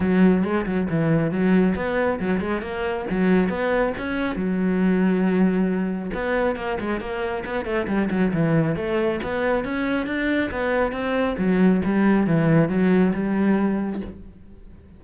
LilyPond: \new Staff \with { instrumentName = "cello" } { \time 4/4 \tempo 4 = 137 fis4 gis8 fis8 e4 fis4 | b4 fis8 gis8 ais4 fis4 | b4 cis'4 fis2~ | fis2 b4 ais8 gis8 |
ais4 b8 a8 g8 fis8 e4 | a4 b4 cis'4 d'4 | b4 c'4 fis4 g4 | e4 fis4 g2 | }